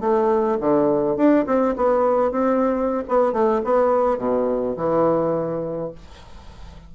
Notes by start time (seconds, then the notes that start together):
0.00 A3
0.60 D3
1.16 D4
1.46 C4
1.76 B3
2.31 C4
3.08 B3
3.32 A3
3.64 B3
4.18 B2
4.76 E3